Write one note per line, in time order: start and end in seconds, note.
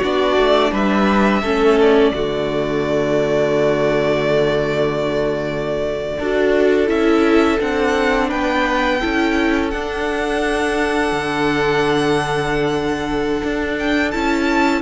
0.00 0.37 B3
0.00 1.44 D4
0.00 0.71 F#4
0.00 0.74 D5
0.37 0.72 A3
0.72 1.42 G3
0.72 1.41 B4
0.72 1.80 E5
1.41 2.12 A3
1.41 2.15 C#4
1.41 2.12 A4
1.81 6.89 D5
2.12 6.18 D3
2.12 6.21 A3
2.12 6.18 F#4
6.18 6.89 D4
6.18 6.87 F#4
6.18 8.29 A4
6.87 7.59 C#4
6.87 7.58 E4
6.87 7.59 E5
7.59 8.32 C4
7.59 9.00 D4
7.59 8.30 F#5
8.29 9.02 B3
8.29 8.99 B4
8.29 9.70 G5
9.00 9.73 C#4
9.00 9.72 E4
9.00 14.82 A4
9.70 11.12 D4
9.70 14.13 D4
9.70 13.76 F#5
11.12 13.42 D3
13.43 14.14 D4
13.79 14.11 G5
14.11 14.82 C#4
14.11 14.82 E4
14.11 14.82 A5